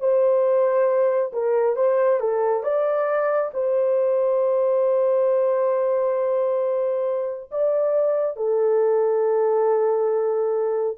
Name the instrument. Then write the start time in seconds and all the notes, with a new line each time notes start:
horn
0.00 C5
1.33 A#4
1.76 C5
2.20 A4
2.63 D5
3.54 C5
7.51 D5
8.37 A4